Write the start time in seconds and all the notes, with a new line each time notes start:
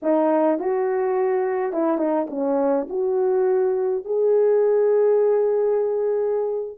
0.02 D#4
0.59 F#4
1.73 E4
1.97 D#4
2.29 C#4
2.89 F#4
4.04 G#4